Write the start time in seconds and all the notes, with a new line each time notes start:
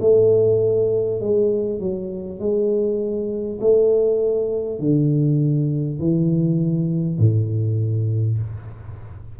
0.00 A3
1.21 G#3
1.80 F#3
2.39 G#3
3.61 A3
4.79 D3
5.99 E3
7.19 A2